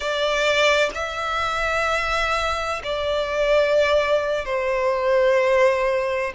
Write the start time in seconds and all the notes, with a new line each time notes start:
0.00 D5
0.94 E5
2.83 D5
4.45 C5